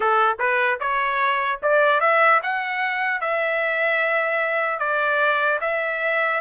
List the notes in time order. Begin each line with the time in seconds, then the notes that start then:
0.00 A4
0.39 B4
0.80 C#5
1.62 D5
2.00 E5
2.42 F#5
3.20 E5
4.79 D5
5.60 E5